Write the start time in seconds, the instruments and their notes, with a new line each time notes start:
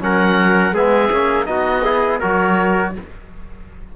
0.00 cello F#3, trombone C#4, trumpet A#4, oboe F#5
0.72 cello G#3, trombone B3, trumpet G#4, oboe E5
1.11 cello A#3, trombone C#4
1.45 cello B3, trombone D#4, trumpet F#4, oboe D#5
1.83 trombone E4, trumpet G#4
2.20 cello F#3, trombone F#4, trumpet A#4, oboe C#5